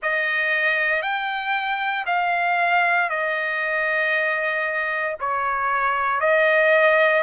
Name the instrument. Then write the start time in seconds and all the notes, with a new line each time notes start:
trumpet
0.02 D#5
1.02 G5
2.05 F5
3.09 D#5
5.20 C#5
6.20 D#5